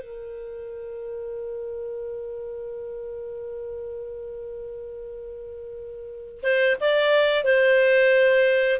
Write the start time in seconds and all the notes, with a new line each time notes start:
0.00 A#4
6.42 C5
6.80 D5
7.44 C5